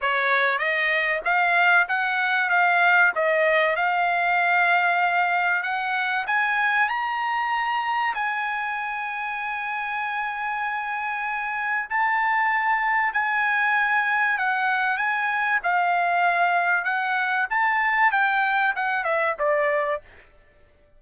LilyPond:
\new Staff \with { instrumentName = "trumpet" } { \time 4/4 \tempo 4 = 96 cis''4 dis''4 f''4 fis''4 | f''4 dis''4 f''2~ | f''4 fis''4 gis''4 ais''4~ | ais''4 gis''2.~ |
gis''2. a''4~ | a''4 gis''2 fis''4 | gis''4 f''2 fis''4 | a''4 g''4 fis''8 e''8 d''4 | }